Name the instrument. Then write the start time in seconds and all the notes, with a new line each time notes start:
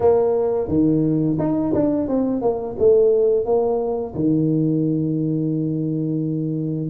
tuba
0.00 A#3
0.68 D#3
1.39 D#4
1.73 D4
2.08 C4
2.41 A#3
2.78 A3
3.45 A#3
4.14 D#3